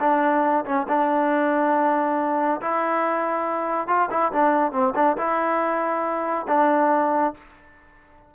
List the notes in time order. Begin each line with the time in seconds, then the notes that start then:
0.00 D4
0.65 C#4
0.88 D4
2.62 E4
3.88 F4
4.11 E4
4.33 D4
4.72 C4
4.95 D4
5.17 E4
6.48 D4